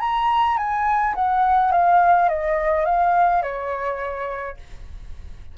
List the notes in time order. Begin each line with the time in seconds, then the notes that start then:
0.00 A#5
0.57 G#5
1.15 F#5
1.71 F5
2.29 D#5
2.85 F5
3.42 C#5